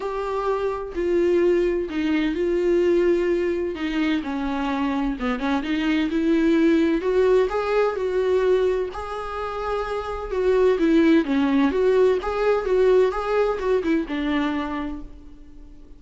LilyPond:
\new Staff \with { instrumentName = "viola" } { \time 4/4 \tempo 4 = 128 g'2 f'2 | dis'4 f'2. | dis'4 cis'2 b8 cis'8 | dis'4 e'2 fis'4 |
gis'4 fis'2 gis'4~ | gis'2 fis'4 e'4 | cis'4 fis'4 gis'4 fis'4 | gis'4 fis'8 e'8 d'2 | }